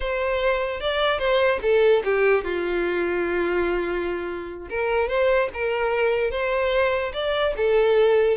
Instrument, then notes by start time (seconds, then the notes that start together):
violin
0.00 C5
0.80 D5
1.19 C5
1.61 A4
2.04 G4
2.44 F4
4.69 A#4
5.08 C5
5.53 A#4
6.31 C5
7.13 D5
7.56 A4